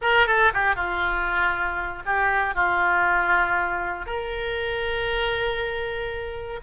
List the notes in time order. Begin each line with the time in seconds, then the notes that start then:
0.01 A#4
0.27 A4
0.53 G4
0.75 F4
2.05 G4
2.54 F4
4.05 A#4